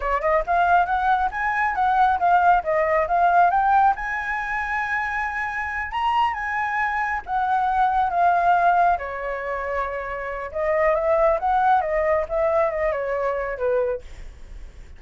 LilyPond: \new Staff \with { instrumentName = "flute" } { \time 4/4 \tempo 4 = 137 cis''8 dis''8 f''4 fis''4 gis''4 | fis''4 f''4 dis''4 f''4 | g''4 gis''2.~ | gis''4. ais''4 gis''4.~ |
gis''8 fis''2 f''4.~ | f''8 cis''2.~ cis''8 | dis''4 e''4 fis''4 dis''4 | e''4 dis''8 cis''4. b'4 | }